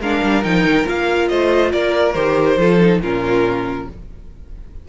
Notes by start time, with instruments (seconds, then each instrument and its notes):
0.00 cello G#3, viola D4, violin A#4 F5
0.23 cello G3
0.43 cello F3, viola D#4, violin G5
0.65 cello D#3
0.84 cello A#3, viola F4, violin F5
1.28 cello A3, violin C5 D#5
1.72 cello A#3, violin A#4 D5
2.13 cello D#3, viola G4, violin C5
2.57 cello F3, viola F4, violin A4
2.80 viola D#4
3.02 cello A#2, viola C#4, violin F4 A#4